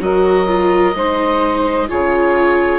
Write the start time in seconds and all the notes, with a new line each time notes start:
0.00 F#3 F#4 A#4 D#5
0.47 F4
0.95 G#3 D#4 C5
1.88 C#3 F4 G#4 C#5